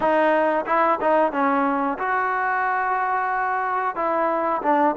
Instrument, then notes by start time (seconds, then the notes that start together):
trombone
0.00 D#4
0.66 E4
1.00 D#4
1.32 C#4
1.98 F#4
3.95 E4
4.62 D4